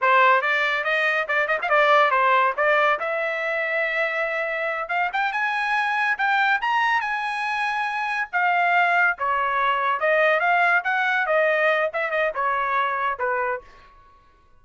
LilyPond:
\new Staff \with { instrumentName = "trumpet" } { \time 4/4 \tempo 4 = 141 c''4 d''4 dis''4 d''8 dis''16 f''16 | d''4 c''4 d''4 e''4~ | e''2.~ e''8 f''8 | g''8 gis''2 g''4 ais''8~ |
ais''8 gis''2. f''8~ | f''4. cis''2 dis''8~ | dis''8 f''4 fis''4 dis''4. | e''8 dis''8 cis''2 b'4 | }